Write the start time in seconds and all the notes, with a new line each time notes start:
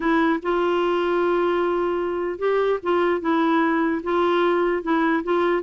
0.00 E4
0.42 F4
2.39 G4
2.83 F4
3.20 E4
4.03 F4
4.82 E4
5.23 F4